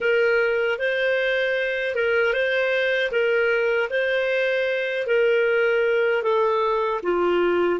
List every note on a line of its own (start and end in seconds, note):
0.00 0.78 A#4
0.78 1.95 C5
1.95 2.33 A#4
2.33 3.11 C5
3.11 3.89 A#4
3.90 5.06 C5
5.06 6.22 A#4
6.22 7.00 A4
7.02 7.80 F4